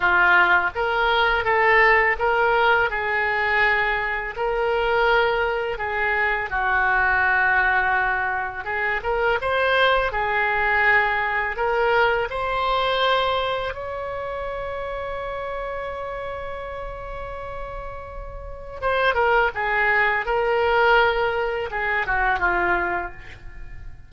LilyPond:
\new Staff \with { instrumentName = "oboe" } { \time 4/4 \tempo 4 = 83 f'4 ais'4 a'4 ais'4 | gis'2 ais'2 | gis'4 fis'2. | gis'8 ais'8 c''4 gis'2 |
ais'4 c''2 cis''4~ | cis''1~ | cis''2 c''8 ais'8 gis'4 | ais'2 gis'8 fis'8 f'4 | }